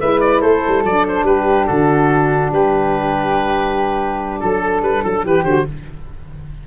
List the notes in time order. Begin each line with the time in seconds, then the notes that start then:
0.00 G#3 E4 B4 E5
0.20 D5
0.41 A3 A4 C5
0.68 G3
0.84 F#3 D4 D5
1.08 C5
1.23 G3 G4 B4
1.67 D3 F#4 A4
2.51 G3 G4 B4
4.40 F#3 A4
4.82 G3 B4
5.04 F#3 A4
5.24 E3 G4 B4
5.44 D3 F#4 C5